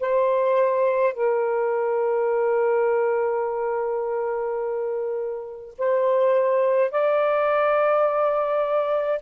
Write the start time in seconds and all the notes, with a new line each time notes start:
0.00 C5
1.14 A#4
5.78 C5
6.91 D5